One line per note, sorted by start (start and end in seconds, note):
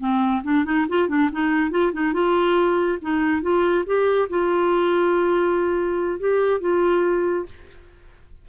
0.00 0.43 C4
0.44 0.65 D4
0.65 0.87 D#4
0.89 1.09 F4
1.09 1.30 D4
1.32 1.71 D#4
1.71 1.92 F4
1.93 2.14 D#4
2.14 2.99 F4
3.02 3.42 D#4
3.42 3.85 F4
3.86 4.29 G4
4.30 6.20 F4
6.20 6.61 G4
6.61 7.46 F4